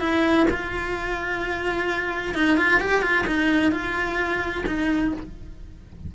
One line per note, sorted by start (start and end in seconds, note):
0.00 0.47 E4
0.50 2.34 F4
2.34 2.57 D#4
2.57 2.80 F4
2.80 3.02 G4
3.02 3.25 F4
3.27 3.71 D#4
3.71 4.64 F4
4.66 5.13 D#4